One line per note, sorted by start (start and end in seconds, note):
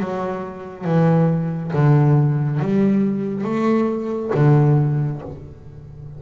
0.00 0.85 F#3
0.85 1.72 E3
1.73 2.60 D3
2.60 3.44 G3
3.44 4.31 A3
4.34 5.21 D3